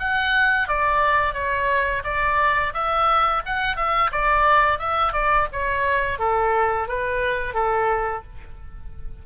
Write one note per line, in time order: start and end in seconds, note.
0.00 0.68 F#5
0.68 1.34 D5
1.34 2.03 C#5
2.05 2.74 D5
2.74 3.43 E5
3.46 3.77 F#5
3.77 4.11 E5
4.12 4.79 D5
4.79 5.13 E5
5.13 5.48 D5
5.53 6.19 C#5
6.19 6.88 A4
6.88 7.54 B4
7.54 8.23 A4